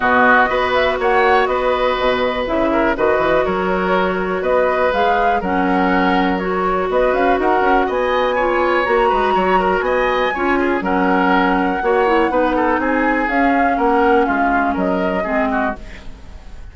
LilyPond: <<
  \new Staff \with { instrumentName = "flute" } { \time 4/4 \tempo 4 = 122 dis''4. e''8 fis''4 dis''4~ | dis''4 e''4 dis''4 cis''4~ | cis''4 dis''4 f''4 fis''4~ | fis''4 cis''4 dis''8 f''8 fis''4 |
gis''2 ais''2 | gis''2 fis''2~ | fis''2 gis''4 f''4 | fis''4 f''4 dis''2 | }
  \new Staff \with { instrumentName = "oboe" } { \time 4/4 fis'4 b'4 cis''4 b'4~ | b'4. ais'8 b'4 ais'4~ | ais'4 b'2 ais'4~ | ais'2 b'4 ais'4 |
dis''4 cis''4. b'8 cis''8 ais'8 | dis''4 cis''8 gis'8 ais'2 | cis''4 b'8 a'8 gis'2 | ais'4 f'4 ais'4 gis'8 fis'8 | }
  \new Staff \with { instrumentName = "clarinet" } { \time 4/4 b4 fis'2.~ | fis'4 e'4 fis'2~ | fis'2 gis'4 cis'4~ | cis'4 fis'2.~ |
fis'4 f'4 fis'2~ | fis'4 f'4 cis'2 | fis'8 e'8 dis'2 cis'4~ | cis'2. c'4 | }
  \new Staff \with { instrumentName = "bassoon" } { \time 4/4 b,4 b4 ais4 b4 | b,4 cis4 dis8 e8 fis4~ | fis4 b4 gis4 fis4~ | fis2 b8 cis'8 dis'8 cis'8 |
b2 ais8 gis8 fis4 | b4 cis'4 fis2 | ais4 b4 c'4 cis'4 | ais4 gis4 fis4 gis4 | }
>>